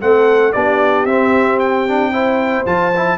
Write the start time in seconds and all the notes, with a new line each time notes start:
0.00 A3 C4 A4 F#5
0.52 B3 D4 G4 D5
1.05 C4 E5
1.59 G5
1.87 D4
2.11 E4 C5
2.65 F3 F4 A5
2.96 E4